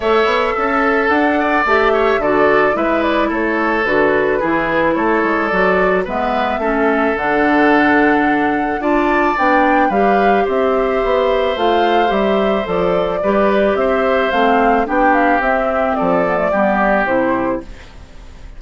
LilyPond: <<
  \new Staff \with { instrumentName = "flute" } { \time 4/4 \tempo 4 = 109 e''2 fis''4 e''4 | d''4 e''8 d''8 cis''4 b'4~ | b'4 cis''4 d''4 e''4~ | e''4 fis''2. |
a''4 g''4 f''4 e''4~ | e''4 f''4 e''4 d''4~ | d''4 e''4 f''4 g''8 f''8 | e''4 d''2 c''4 | }
  \new Staff \with { instrumentName = "oboe" } { \time 4/4 cis''4 a'4. d''4 cis''8 | a'4 b'4 a'2 | gis'4 a'2 b'4 | a'1 |
d''2 b'4 c''4~ | c''1 | b'4 c''2 g'4~ | g'4 a'4 g'2 | }
  \new Staff \with { instrumentName = "clarinet" } { \time 4/4 a'2. g'4 | fis'4 e'2 fis'4 | e'2 fis'4 b4 | cis'4 d'2. |
f'4 d'4 g'2~ | g'4 f'4 g'4 a'4 | g'2 c'4 d'4 | c'4. b16 a16 b4 e'4 | }
  \new Staff \with { instrumentName = "bassoon" } { \time 4/4 a8 b8 cis'4 d'4 a4 | d4 gis4 a4 d4 | e4 a8 gis8 fis4 gis4 | a4 d2. |
d'4 b4 g4 c'4 | b4 a4 g4 f4 | g4 c'4 a4 b4 | c'4 f4 g4 c4 | }
>>